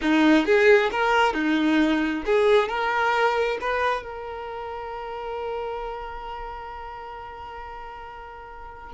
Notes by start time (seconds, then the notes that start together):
0.01 D#4
0.45 G#4
0.91 A#4
1.33 D#4
2.25 G#4
2.68 A#4
3.60 B4
4.02 A#4